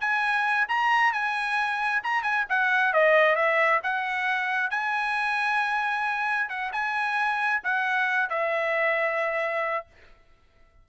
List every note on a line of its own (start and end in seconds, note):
0.00 0.67 G#5
0.68 1.13 A#5
1.13 2.02 G#5
2.03 2.22 A#5
2.22 2.45 G#5
2.49 2.93 F#5
2.93 3.35 D#5
3.35 3.80 E5
3.83 4.70 F#5
4.70 6.49 G#5
6.49 6.71 F#5
6.72 7.61 G#5
7.63 8.29 F#5
8.29 9.86 E5